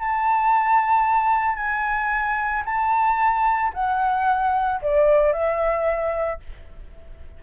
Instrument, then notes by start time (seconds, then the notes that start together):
flute
0.00 A5
1.57 G#5
2.66 A5
3.74 F#5
4.82 D5
5.33 E5